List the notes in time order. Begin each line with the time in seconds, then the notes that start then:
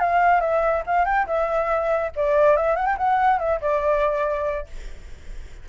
0.00 F5
0.41 E5
0.87 F5
1.05 G5
1.27 E5
2.16 D5
2.57 E5
2.76 F#5
2.86 G5
2.98 F#5
3.39 E5
3.61 D5